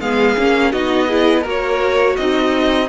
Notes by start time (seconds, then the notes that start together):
0.00 G#3 B3 G#4 F5
0.37 A#3 C#4
0.72 B3 D#4 F#4 D#5
1.08 E4 G#4
1.41 A#3 F#4 A#4
1.49 C#5
2.16 C4 D#4 D#5